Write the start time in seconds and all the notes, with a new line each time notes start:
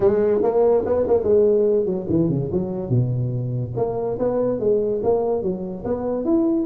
0.00 G#3
0.42 A#3
0.85 B3
1.07 A#3
1.23 G#3
1.85 F#3
2.09 E3
2.29 C#3
2.52 F#3
2.89 B2
3.76 A#3
4.18 B3
4.59 G#3
5.03 A#3
5.42 F#3
5.84 B3
6.24 E4